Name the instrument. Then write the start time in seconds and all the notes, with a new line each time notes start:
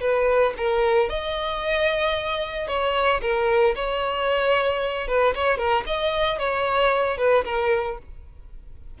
violin
0.00 B4
0.57 A#4
1.09 D#5
2.67 C#5
3.21 A#4
3.75 C#5
5.07 B4
5.35 C#5
5.57 A#4
5.86 D#5
6.38 C#5
7.17 B4
7.45 A#4